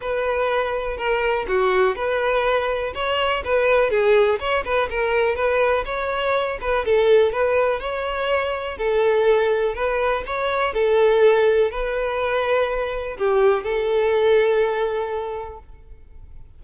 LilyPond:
\new Staff \with { instrumentName = "violin" } { \time 4/4 \tempo 4 = 123 b'2 ais'4 fis'4 | b'2 cis''4 b'4 | gis'4 cis''8 b'8 ais'4 b'4 | cis''4. b'8 a'4 b'4 |
cis''2 a'2 | b'4 cis''4 a'2 | b'2. g'4 | a'1 | }